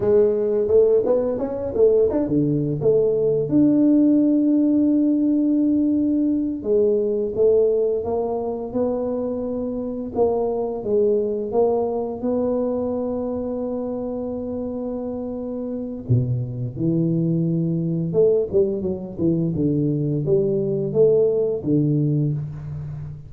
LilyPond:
\new Staff \with { instrumentName = "tuba" } { \time 4/4 \tempo 4 = 86 gis4 a8 b8 cis'8 a8 d'16 d8. | a4 d'2.~ | d'4. gis4 a4 ais8~ | ais8 b2 ais4 gis8~ |
gis8 ais4 b2~ b8~ | b2. b,4 | e2 a8 g8 fis8 e8 | d4 g4 a4 d4 | }